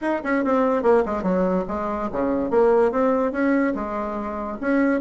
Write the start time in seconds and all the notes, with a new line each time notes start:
0.01 D#4
0.23 C#4
0.44 C4
0.82 A#3
1.05 G#3
1.22 F#3
1.67 G#3
2.12 C#3
2.50 A#3
2.91 C4
3.32 C#4
3.74 G#3
4.60 C#4